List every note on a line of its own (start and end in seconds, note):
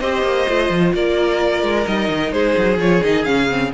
0.00 0.23 C4
0.00 0.49 G4
0.00 0.94 C5
0.00 0.93 D#5
0.23 0.46 A#3
0.49 0.70 A3
0.49 1.84 F4
0.70 0.93 F3
0.94 1.63 A#3
0.94 2.33 A#4
0.94 1.88 D5
1.63 1.86 G#3
1.84 2.09 G3
1.84 2.77 D#4
1.84 2.32 D#5
2.09 2.32 D#3
2.32 2.56 G#3
2.32 3.73 G#4
2.32 2.79 C5
2.58 2.78 F#3
2.78 3.01 F3
2.78 3.03 F4
2.78 3.04 C#5
3.03 3.27 D#3
3.03 3.25 D#4
3.03 3.25 D#5
3.25 3.74 C#3
3.25 3.48 C#4
3.25 3.72 F5
3.49 3.72 C4